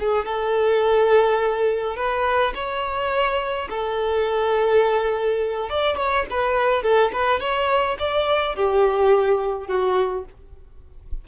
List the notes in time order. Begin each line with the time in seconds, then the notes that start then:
0.00 G#4
0.26 A4
1.97 B4
2.55 C#5
3.70 A4
5.70 D5
5.98 C#5
6.31 B4
6.84 A4
7.13 B4
7.41 C#5
8.00 D5
8.56 G4
9.68 F#4